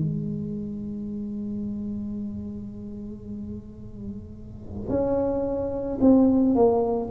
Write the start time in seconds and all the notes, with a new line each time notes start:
0.00 G#3
4.89 C#4
6.01 C4
6.56 A#3